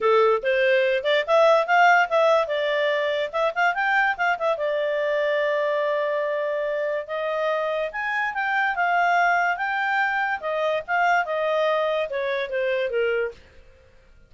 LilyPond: \new Staff \with { instrumentName = "clarinet" } { \time 4/4 \tempo 4 = 144 a'4 c''4. d''8 e''4 | f''4 e''4 d''2 | e''8 f''8 g''4 f''8 e''8 d''4~ | d''1~ |
d''4 dis''2 gis''4 | g''4 f''2 g''4~ | g''4 dis''4 f''4 dis''4~ | dis''4 cis''4 c''4 ais'4 | }